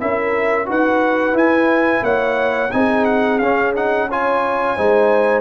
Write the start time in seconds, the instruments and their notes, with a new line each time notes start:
0.00 tuba C#4, trombone E4, horn A#4, trumpet E5
0.66 tuba D#4, trombone F#4, horn B4, trumpet F#5
1.33 tuba E4, trombone E4, trumpet G#5
2.02 tuba A#3, horn C#5, trumpet F#5
2.71 tuba C4, trombone D#4, horn G#4, trumpet G#5
3.05 trumpet F#5
3.38 tuba C#4, trombone C#4, trumpet F5
3.75 trombone D#4, trumpet F#5
4.09 trombone F4, horn C#5, trumpet G#5
4.76 tuba G#3, trombone D#4, horn C5